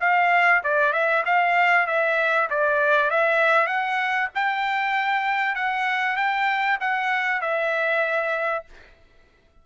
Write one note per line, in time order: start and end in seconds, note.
0.00 0.62 F5
0.63 0.93 D5
0.93 1.23 E5
1.25 1.87 F5
1.87 2.49 E5
2.50 3.10 D5
3.10 3.67 E5
3.67 4.28 F#5
4.34 5.55 G5
5.55 6.16 F#5
6.16 6.78 G5
6.80 7.41 F#5
7.41 8.65 E5